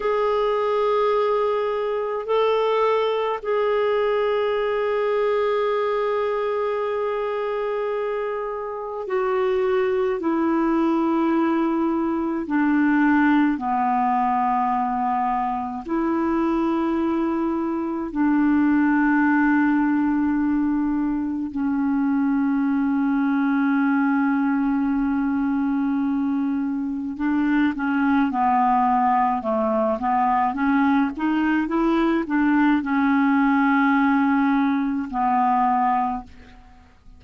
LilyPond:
\new Staff \with { instrumentName = "clarinet" } { \time 4/4 \tempo 4 = 53 gis'2 a'4 gis'4~ | gis'1 | fis'4 e'2 d'4 | b2 e'2 |
d'2. cis'4~ | cis'1 | d'8 cis'8 b4 a8 b8 cis'8 dis'8 | e'8 d'8 cis'2 b4 | }